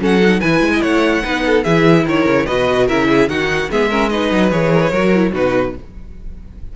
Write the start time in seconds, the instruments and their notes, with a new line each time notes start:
0.00 cello F#3, viola C#4, violin A4 F#5
0.22 viola D#4
0.40 cello E3, viola E4, violin B4 G#5
0.61 cello G#3
0.73 violin D#5
0.82 cello A3, violin C#5 F#5
1.23 cello B3, viola D#4, violin B4
1.46 violin A4
1.64 cello E3, viola E4, violin G#4 E5
2.06 cello D#3, violin A#4 C#5
2.26 cello C#3
2.46 cello B2, viola F#4, violin B4 D#5
2.87 cello C#3, viola E4, violin A#4 E5
3.09 violin G#4
3.28 cello D#3, viola D#4, violin F#4 F#5
3.71 cello G#3, viola B3, violin G#4 E5
3.90 viola C#4, violin A#4
4.10 viola D#4, violin B4 D#5
4.32 cello F#3
4.51 cello E3, viola G#4, violin C#5
4.73 violin A#4
4.82 violin B4
4.91 cello F#3, viola F#4, violin A#4
5.16 viola E4
5.33 cello B2, viola D#4, violin F#4 B4